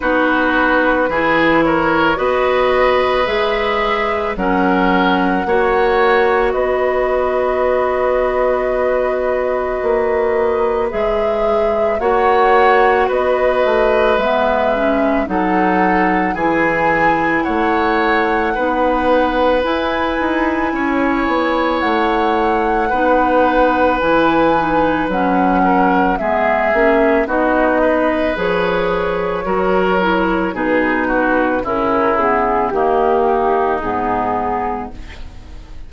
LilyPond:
<<
  \new Staff \with { instrumentName = "flute" } { \time 4/4 \tempo 4 = 55 b'4. cis''8 dis''4 e''4 | fis''2 dis''2~ | dis''2 e''4 fis''4 | dis''4 e''4 fis''4 gis''4 |
fis''2 gis''2 | fis''2 gis''4 fis''4 | e''4 dis''4 cis''2 | b'4 ais'8 gis'8 g'4 gis'4 | }
  \new Staff \with { instrumentName = "oboe" } { \time 4/4 fis'4 gis'8 ais'8 b'2 | ais'4 cis''4 b'2~ | b'2. cis''4 | b'2 a'4 gis'4 |
cis''4 b'2 cis''4~ | cis''4 b'2~ b'8 ais'8 | gis'4 fis'8 b'4. ais'4 | gis'8 fis'8 e'4 dis'2 | }
  \new Staff \with { instrumentName = "clarinet" } { \time 4/4 dis'4 e'4 fis'4 gis'4 | cis'4 fis'2.~ | fis'2 gis'4 fis'4~ | fis'4 b8 cis'8 dis'4 e'4~ |
e'4 dis'4 e'2~ | e'4 dis'4 e'8 dis'8 cis'4 | b8 cis'8 dis'4 gis'4 fis'8 e'8 | dis'4 cis'8 b8 ais4 b4 | }
  \new Staff \with { instrumentName = "bassoon" } { \time 4/4 b4 e4 b4 gis4 | fis4 ais4 b2~ | b4 ais4 gis4 ais4 | b8 a8 gis4 fis4 e4 |
a4 b4 e'8 dis'8 cis'8 b8 | a4 b4 e4 fis4 | gis8 ais8 b4 f4 fis4 | b,4 cis4 dis4 gis,4 | }
>>